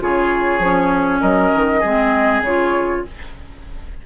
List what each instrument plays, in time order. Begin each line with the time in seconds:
0.00 bassoon C#3, clarinet F4, oboe G#4, flute C#5
0.59 bassoon F3, clarinet C#4
1.21 bassoon F#3, oboe A#4, flute D#5
1.55 bassoon D#3
1.80 bassoon G#3, clarinet C4, oboe G#4
2.41 bassoon C#3, clarinet F4, flute C#5